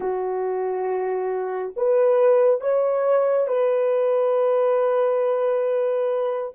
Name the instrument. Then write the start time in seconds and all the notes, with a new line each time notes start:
horn
0.00 F#4
1.76 B4
2.60 C#5
3.47 B4